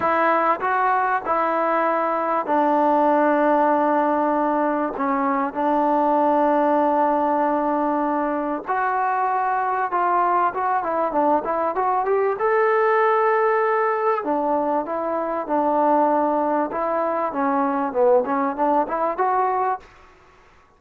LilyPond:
\new Staff \with { instrumentName = "trombone" } { \time 4/4 \tempo 4 = 97 e'4 fis'4 e'2 | d'1 | cis'4 d'2.~ | d'2 fis'2 |
f'4 fis'8 e'8 d'8 e'8 fis'8 g'8 | a'2. d'4 | e'4 d'2 e'4 | cis'4 b8 cis'8 d'8 e'8 fis'4 | }